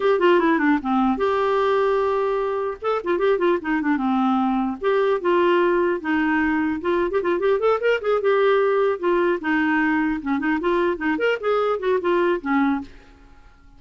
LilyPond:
\new Staff \with { instrumentName = "clarinet" } { \time 4/4 \tempo 4 = 150 g'8 f'8 e'8 d'8 c'4 g'4~ | g'2. a'8 f'8 | g'8 f'8 dis'8 d'8 c'2 | g'4 f'2 dis'4~ |
dis'4 f'8. g'16 f'8 g'8 a'8 ais'8 | gis'8 g'2 f'4 dis'8~ | dis'4. cis'8 dis'8 f'4 dis'8 | ais'8 gis'4 fis'8 f'4 cis'4 | }